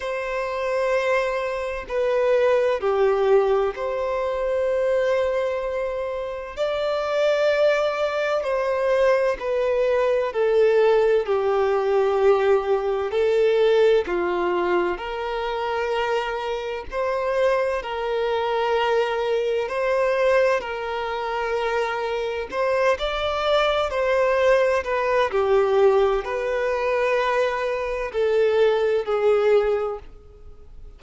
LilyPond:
\new Staff \with { instrumentName = "violin" } { \time 4/4 \tempo 4 = 64 c''2 b'4 g'4 | c''2. d''4~ | d''4 c''4 b'4 a'4 | g'2 a'4 f'4 |
ais'2 c''4 ais'4~ | ais'4 c''4 ais'2 | c''8 d''4 c''4 b'8 g'4 | b'2 a'4 gis'4 | }